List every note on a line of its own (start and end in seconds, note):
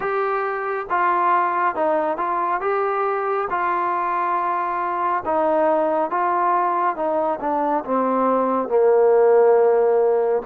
0.00 0.86 G4
0.89 1.75 F4
1.75 2.17 D#4
2.17 2.60 F4
2.60 3.47 G4
3.49 5.23 F4
5.25 6.10 D#4
6.10 6.96 F4
6.96 7.39 D#4
7.40 7.83 D4
7.85 8.68 C4
8.68 10.42 A#3